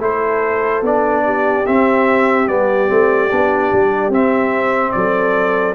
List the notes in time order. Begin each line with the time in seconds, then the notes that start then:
0.00 A3 E4 A4 C5
0.82 B3 D4 D5
1.25 G4
1.67 C4 E5
2.48 G3 B3 D5
2.88 A3 C4
3.30 B3 D4
3.73 G3
4.10 C4 E5
4.92 F#3 A4 D5